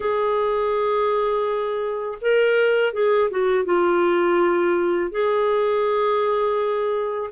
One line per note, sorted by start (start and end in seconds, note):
0.00 2.18 G#4
2.21 2.93 A#4
2.93 3.29 G#4
3.30 3.65 F#4
3.65 5.11 F4
5.11 7.30 G#4